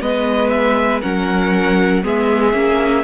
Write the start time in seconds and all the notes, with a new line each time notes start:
0.00 G#3 B3 B4 D#5
0.49 E5
1.01 F#3 C#4 A#4 F#5
2.03 G#3 B3 G#4 E5
2.52 A#3 C#4